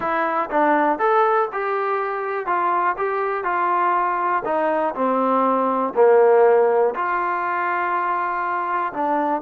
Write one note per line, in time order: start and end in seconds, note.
0.00 0.49 E4
0.50 0.98 D4
0.98 1.48 A4
1.52 2.46 G4
2.46 2.96 F4
2.97 3.43 G4
3.43 4.43 F4
4.44 4.94 D#4
4.94 5.93 C4
5.95 6.94 A#3
6.94 8.93 F4
8.93 9.41 D4